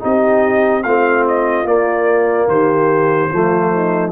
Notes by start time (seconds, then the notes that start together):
0.00 C4 D#4 G4 D#5
0.84 A3 C4 F4 F5
1.28 D#5
1.65 A#3 D5
2.48 D#3 G4 C5
3.31 F3 A3 F4
3.74 D#4